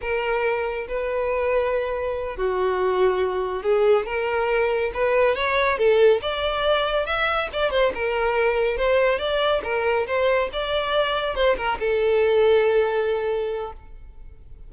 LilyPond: \new Staff \with { instrumentName = "violin" } { \time 4/4 \tempo 4 = 140 ais'2 b'2~ | b'4. fis'2~ fis'8~ | fis'8 gis'4 ais'2 b'8~ | b'8 cis''4 a'4 d''4.~ |
d''8 e''4 d''8 c''8 ais'4.~ | ais'8 c''4 d''4 ais'4 c''8~ | c''8 d''2 c''8 ais'8 a'8~ | a'1 | }